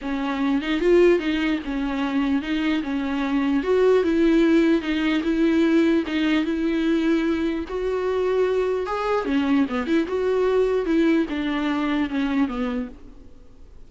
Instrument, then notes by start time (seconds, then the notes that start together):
viola
0.01 C#4
0.61 D#4
0.80 F4
1.19 D#4
1.64 C#4
2.42 D#4
2.82 C#4
3.63 F#4
4.03 E4
4.81 D#4
5.23 E4
6.06 D#4
6.44 E4
7.68 F#4
8.86 G#4
9.25 C#4
9.69 B3
9.86 E4
10.07 F#4
10.85 E4
11.29 D4
12.09 C#4
12.48 B3